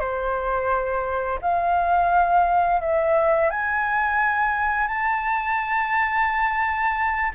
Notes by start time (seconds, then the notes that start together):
0.00 C5
1.42 F5
2.81 E5
3.50 G#5
4.88 A5